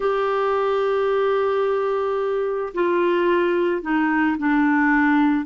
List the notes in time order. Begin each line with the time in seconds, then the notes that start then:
0.00 G4
2.74 F4
3.82 D#4
4.38 D4